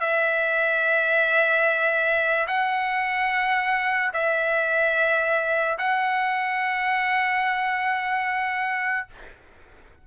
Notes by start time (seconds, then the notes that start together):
0.00 E5
2.48 F#5
4.13 E5
5.78 F#5